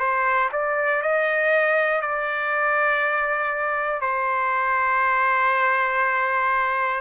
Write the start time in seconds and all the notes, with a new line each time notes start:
0.00 C5
0.53 D5
1.02 D#5
2.02 D5
4.02 C5